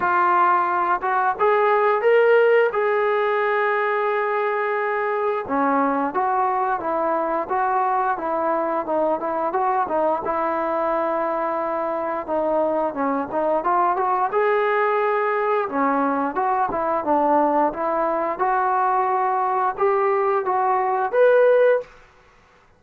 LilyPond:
\new Staff \with { instrumentName = "trombone" } { \time 4/4 \tempo 4 = 88 f'4. fis'8 gis'4 ais'4 | gis'1 | cis'4 fis'4 e'4 fis'4 | e'4 dis'8 e'8 fis'8 dis'8 e'4~ |
e'2 dis'4 cis'8 dis'8 | f'8 fis'8 gis'2 cis'4 | fis'8 e'8 d'4 e'4 fis'4~ | fis'4 g'4 fis'4 b'4 | }